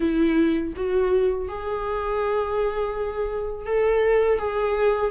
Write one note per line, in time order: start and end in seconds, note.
0.00 0.73 E4
0.75 1.48 F#4
1.48 3.66 G#4
3.66 4.38 A4
4.38 5.11 G#4